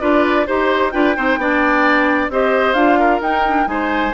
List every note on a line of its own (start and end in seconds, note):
0.00 0.47 D4
0.00 0.46 F4
0.00 0.46 B4
0.00 0.46 D5
0.46 0.94 D#4
0.46 0.92 G4
0.46 0.91 C5
0.46 0.92 C5
0.91 1.17 D4
0.91 1.15 F4
0.91 1.16 B4
0.91 2.28 G5
1.15 1.37 C4
1.15 1.38 D#4
1.15 1.39 C5
1.37 2.29 B3
1.37 2.31 D4
1.37 2.31 D5
2.29 2.74 C4
2.29 2.75 G4
2.29 2.99 C5
2.29 2.73 D#5
2.73 3.20 D4
2.73 3.21 F4
2.73 3.19 F5
2.99 3.68 A#4
3.20 3.66 D#4
3.20 3.44 D#4
3.20 3.68 G5
3.47 3.65 D4
3.65 4.12 G#3
3.65 4.11 D#4
3.65 4.14 C5
3.65 4.14 G#5